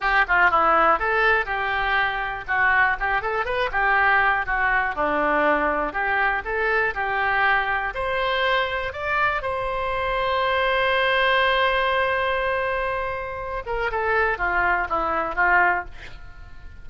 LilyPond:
\new Staff \with { instrumentName = "oboe" } { \time 4/4 \tempo 4 = 121 g'8 f'8 e'4 a'4 g'4~ | g'4 fis'4 g'8 a'8 b'8 g'8~ | g'4 fis'4 d'2 | g'4 a'4 g'2 |
c''2 d''4 c''4~ | c''1~ | c''2.~ c''8 ais'8 | a'4 f'4 e'4 f'4 | }